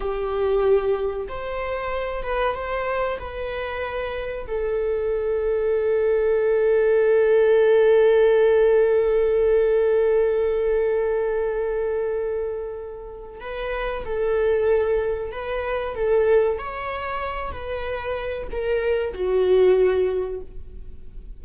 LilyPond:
\new Staff \with { instrumentName = "viola" } { \time 4/4 \tempo 4 = 94 g'2 c''4. b'8 | c''4 b'2 a'4~ | a'1~ | a'1~ |
a'1~ | a'4 b'4 a'2 | b'4 a'4 cis''4. b'8~ | b'4 ais'4 fis'2 | }